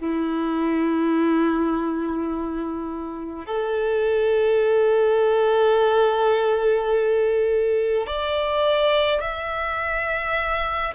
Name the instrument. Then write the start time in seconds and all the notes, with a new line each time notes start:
violin
0.00 E4
3.46 A4
8.07 D5
9.20 E5